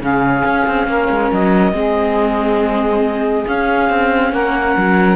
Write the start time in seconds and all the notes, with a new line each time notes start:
0.00 C#3 C#4 G#4 F5
0.45 C#4
0.67 C4
0.88 A#3 A#4
1.10 G#3
1.32 F#3 D#5
1.73 G#3 C4 G#4
3.48 C#4 F5
3.90 C4
4.33 A#3 A#4 F#5
4.77 F#3